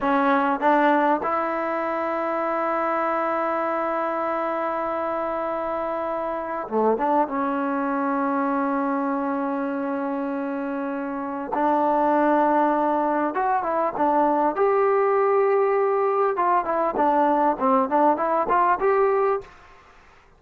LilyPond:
\new Staff \with { instrumentName = "trombone" } { \time 4/4 \tempo 4 = 99 cis'4 d'4 e'2~ | e'1~ | e'2. a8 d'8 | cis'1~ |
cis'2. d'4~ | d'2 fis'8 e'8 d'4 | g'2. f'8 e'8 | d'4 c'8 d'8 e'8 f'8 g'4 | }